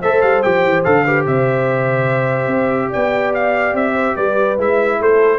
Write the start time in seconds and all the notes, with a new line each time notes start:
0.00 A3 A4 C5 E5
0.21 G3 F5
0.42 F3 G4 G5
0.64 E3
0.84 D3 A4 F5
1.04 G4 B4
1.26 C3 C5 E5
2.46 C4
2.89 B3 D5 G5
3.34 F5
3.73 C4 E5
3.93 C5
4.15 G3 B4 D5
4.58 G#3 E4 E5
5.00 A3 A4 C5